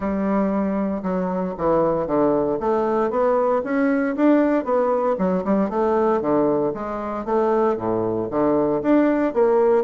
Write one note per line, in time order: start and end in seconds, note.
0.00 1.02 G3
1.03 1.54 F#3
1.57 2.06 E3
2.06 2.58 D3
2.60 3.10 A3
3.10 3.62 B3
3.63 4.15 C#4
4.15 4.64 D4
4.64 5.16 B3
5.18 5.44 F#3
5.44 5.69 G3
5.69 6.21 A3
6.21 6.72 D3
6.74 7.25 G#3
7.25 7.76 A3
7.76 8.28 A2
8.30 8.82 D3
8.82 9.33 D4
9.33 9.84 A#3